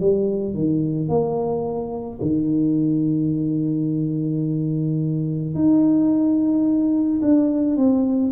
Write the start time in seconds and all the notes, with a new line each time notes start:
0.00 G3
0.54 D#3
1.09 A#3
2.21 D#3
5.55 D#4
7.21 D4
7.77 C4